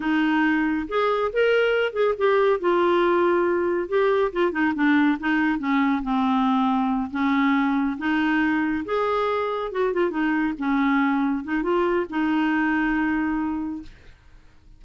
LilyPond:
\new Staff \with { instrumentName = "clarinet" } { \time 4/4 \tempo 4 = 139 dis'2 gis'4 ais'4~ | ais'8 gis'8 g'4 f'2~ | f'4 g'4 f'8 dis'8 d'4 | dis'4 cis'4 c'2~ |
c'8 cis'2 dis'4.~ | dis'8 gis'2 fis'8 f'8 dis'8~ | dis'8 cis'2 dis'8 f'4 | dis'1 | }